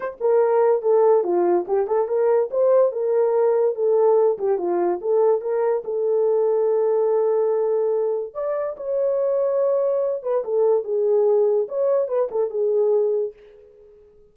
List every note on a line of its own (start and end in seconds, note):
0.00 0.17 C5
0.20 0.81 A#4
0.81 1.23 A4
1.23 1.65 F4
1.67 1.87 G4
1.87 2.08 A4
2.08 2.49 A#4
2.51 2.92 C5
2.92 3.75 A#4
3.75 4.37 A4
4.38 4.58 G4
4.58 4.99 F4
5.01 5.41 A4
5.41 5.83 A#4
5.84 8.34 A4
8.34 8.75 D5
8.76 10.22 C#5
10.22 10.43 B4
10.44 10.84 A4
10.84 11.67 G#4
11.68 12.08 C#5
12.08 12.29 B4
12.31 12.50 A4
12.50 13.33 G#4